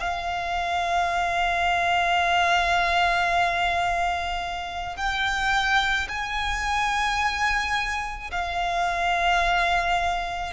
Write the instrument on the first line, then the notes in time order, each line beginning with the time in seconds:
violin
0.00 F5
4.97 G5
6.09 G#5
8.31 F5